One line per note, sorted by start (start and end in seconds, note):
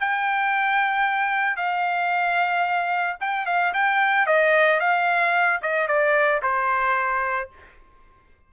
0.00 1.56 G5
1.56 3.17 F5
3.20 3.46 G5
3.46 3.73 F5
3.74 4.26 G5
4.26 4.80 D#5
4.80 5.60 F5
5.62 5.88 D#5
5.88 6.41 D5
6.42 7.49 C5